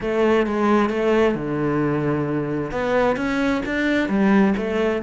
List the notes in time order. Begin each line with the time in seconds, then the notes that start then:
0.00 A3
0.46 G#3
0.89 A3
1.35 D3
2.71 B3
3.16 C#4
3.65 D4
4.08 G3
4.57 A3